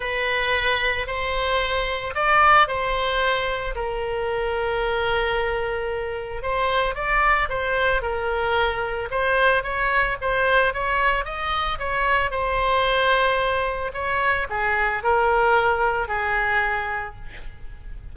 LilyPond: \new Staff \with { instrumentName = "oboe" } { \time 4/4 \tempo 4 = 112 b'2 c''2 | d''4 c''2 ais'4~ | ais'1 | c''4 d''4 c''4 ais'4~ |
ais'4 c''4 cis''4 c''4 | cis''4 dis''4 cis''4 c''4~ | c''2 cis''4 gis'4 | ais'2 gis'2 | }